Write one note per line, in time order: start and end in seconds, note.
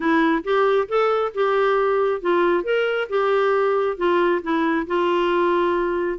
0.00 0.43 E4
0.44 0.88 G4
0.88 1.32 A4
1.34 2.21 G4
2.21 2.63 F4
2.63 3.07 A#4
3.09 3.97 G4
3.97 4.41 F4
4.42 4.86 E4
4.86 6.19 F4